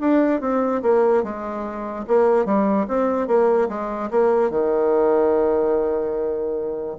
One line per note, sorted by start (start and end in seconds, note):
0.00 0.41 D4
0.41 0.82 C4
0.83 1.23 A#3
1.23 2.05 G#3
2.07 2.46 A#3
2.46 2.87 G3
2.88 3.27 C4
3.27 3.68 A#3
3.69 4.10 G#3
4.11 4.51 A#3
4.51 6.97 D#3